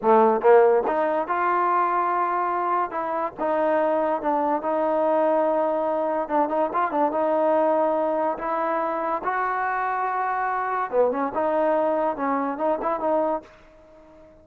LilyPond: \new Staff \with { instrumentName = "trombone" } { \time 4/4 \tempo 4 = 143 a4 ais4 dis'4 f'4~ | f'2. e'4 | dis'2 d'4 dis'4~ | dis'2. d'8 dis'8 |
f'8 d'8 dis'2. | e'2 fis'2~ | fis'2 b8 cis'8 dis'4~ | dis'4 cis'4 dis'8 e'8 dis'4 | }